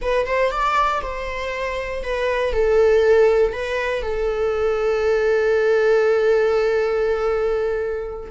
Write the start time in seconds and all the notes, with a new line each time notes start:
0.01 B4
0.26 C5
0.51 D5
1.02 C5
2.03 B4
2.52 A4
3.52 B4
4.02 A4